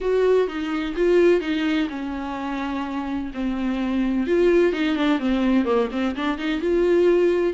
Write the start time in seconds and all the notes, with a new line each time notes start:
0.00 F#4
0.47 D#4
0.96 F4
1.40 D#4
1.89 C#4
3.34 C4
4.26 F4
4.72 D#4
4.96 D4
5.19 C4
5.64 A#3
5.91 C4
6.15 D4
6.38 D#4
6.60 F4